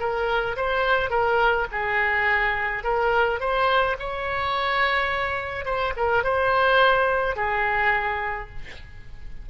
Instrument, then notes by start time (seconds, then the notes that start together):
oboe
0.00 A#4
0.57 C5
1.11 A#4
1.72 G#4
2.84 A#4
3.40 C5
4.00 C#5
5.66 C5
5.97 A#4
6.24 C5
7.36 G#4